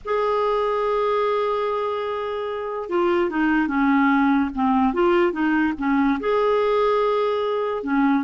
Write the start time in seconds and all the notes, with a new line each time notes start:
0.04 G#4
2.89 F4
3.30 D#4
3.67 C#4
4.54 C4
4.93 F4
5.32 D#4
5.78 C#4
6.20 G#4
7.83 C#4